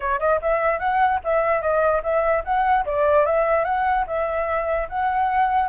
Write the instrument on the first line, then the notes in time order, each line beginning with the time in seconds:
flute
0.00 C#5
0.19 D#5
0.41 E5
0.79 F#5
1.24 E5
1.61 D#5
2.03 E5
2.44 F#5
2.85 D5
3.25 E5
3.64 F#5
4.07 E5
4.89 F#5